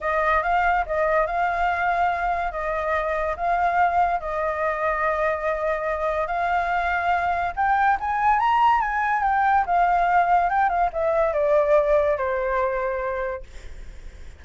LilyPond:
\new Staff \with { instrumentName = "flute" } { \time 4/4 \tempo 4 = 143 dis''4 f''4 dis''4 f''4~ | f''2 dis''2 | f''2 dis''2~ | dis''2. f''4~ |
f''2 g''4 gis''4 | ais''4 gis''4 g''4 f''4~ | f''4 g''8 f''8 e''4 d''4~ | d''4 c''2. | }